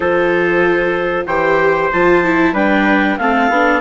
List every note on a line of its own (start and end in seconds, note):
0.00 1.26 F3
0.00 1.28 F4
0.00 1.26 A4
0.00 1.26 C5
1.26 1.90 E3
1.26 1.91 G4
1.26 2.53 C5
1.26 1.89 G5
1.92 2.53 F3
1.92 2.24 F4
1.92 2.55 A5
2.24 2.54 E4
2.53 3.16 G3
2.53 3.18 D4
2.53 3.16 B4
2.53 3.17 G5
3.17 3.49 A3
3.17 3.52 C4
3.17 3.81 A4
3.17 3.81 F5
3.49 3.81 B3
3.49 3.81 D4